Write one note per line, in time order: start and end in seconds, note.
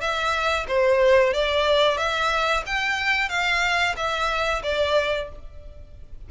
0.00 0.66 E5
0.67 1.33 C5
1.33 1.97 D5
1.97 2.63 E5
2.66 3.29 G5
3.29 3.95 F5
3.96 4.62 E5
4.63 5.29 D5